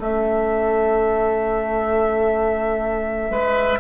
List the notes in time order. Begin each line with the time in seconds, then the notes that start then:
0.00 A3 C#4 A4 E5
3.30 G#3 B4